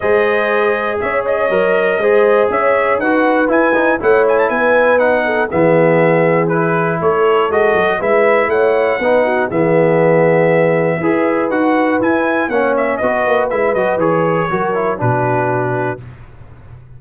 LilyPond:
<<
  \new Staff \with { instrumentName = "trumpet" } { \time 4/4 \tempo 4 = 120 dis''2 e''8 dis''4.~ | dis''4 e''4 fis''4 gis''4 | fis''8 gis''16 a''16 gis''4 fis''4 e''4~ | e''4 b'4 cis''4 dis''4 |
e''4 fis''2 e''4~ | e''2. fis''4 | gis''4 fis''8 e''8 dis''4 e''8 dis''8 | cis''2 b'2 | }
  \new Staff \with { instrumentName = "horn" } { \time 4/4 c''2 cis''2 | c''4 cis''4 b'2 | cis''4 b'4. a'8 gis'4~ | gis'2 a'2 |
b'4 cis''4 b'8 fis'8 gis'4~ | gis'2 b'2~ | b'4 cis''4 b'2~ | b'4 ais'4 fis'2 | }
  \new Staff \with { instrumentName = "trombone" } { \time 4/4 gis'2. ais'4 | gis'2 fis'4 e'8 dis'8 | e'2 dis'4 b4~ | b4 e'2 fis'4 |
e'2 dis'4 b4~ | b2 gis'4 fis'4 | e'4 cis'4 fis'4 e'8 fis'8 | gis'4 fis'8 e'8 d'2 | }
  \new Staff \with { instrumentName = "tuba" } { \time 4/4 gis2 cis'4 fis4 | gis4 cis'4 dis'4 e'4 | a4 b2 e4~ | e2 a4 gis8 fis8 |
gis4 a4 b4 e4~ | e2 e'4 dis'4 | e'4 ais4 b8 ais8 gis8 fis8 | e4 fis4 b,2 | }
>>